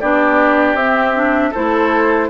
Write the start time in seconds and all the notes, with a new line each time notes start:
0.00 B3 D4 G4 D5
0.74 C4 E5
1.14 D4
1.51 E4 A4 C5
1.57 A3